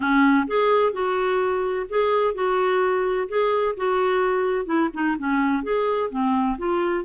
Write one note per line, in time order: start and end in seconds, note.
0.00 0.46 C#4
0.47 0.92 G#4
0.92 1.86 F#4
1.89 2.34 G#4
2.34 3.28 F#4
3.28 3.75 G#4
3.76 4.65 F#4
4.65 4.89 E4
4.93 5.16 D#4
5.18 5.63 C#4
5.63 6.10 G#4
6.10 6.57 C4
6.58 7.04 F4